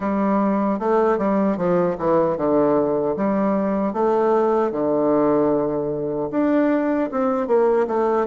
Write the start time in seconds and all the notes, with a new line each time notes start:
0.00 G3
0.79 A3
1.18 G3
1.57 F3
1.98 E3
2.37 D3
3.16 G3
3.93 A3
4.71 D3
6.31 D4
7.11 C4
7.47 A#3
7.87 A3